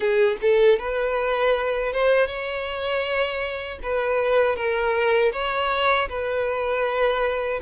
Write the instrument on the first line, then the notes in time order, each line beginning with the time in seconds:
violin
0.00 G#4
0.41 A4
0.78 B4
1.92 C5
2.26 C#5
3.82 B4
4.56 A#4
5.32 C#5
6.08 B4